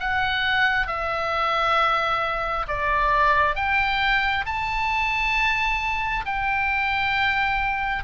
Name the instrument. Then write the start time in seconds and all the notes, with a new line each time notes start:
oboe
0.00 F#5
0.87 E5
2.68 D5
3.55 G5
4.46 A5
6.25 G5